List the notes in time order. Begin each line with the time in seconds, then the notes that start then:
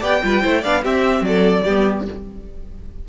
0.00 B3 G4 D5 G5
0.24 G3 F4 B4
0.43 A3 E4 C5
0.62 B3 D4 D5 F5
0.83 C4 G4 E5
1.21 F#3 D5
1.28 A4
1.64 G3 B3 G4